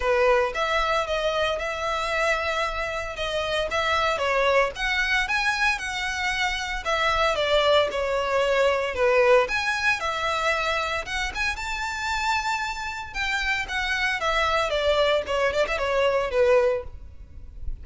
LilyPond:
\new Staff \with { instrumentName = "violin" } { \time 4/4 \tempo 4 = 114 b'4 e''4 dis''4 e''4~ | e''2 dis''4 e''4 | cis''4 fis''4 gis''4 fis''4~ | fis''4 e''4 d''4 cis''4~ |
cis''4 b'4 gis''4 e''4~ | e''4 fis''8 gis''8 a''2~ | a''4 g''4 fis''4 e''4 | d''4 cis''8 d''16 e''16 cis''4 b'4 | }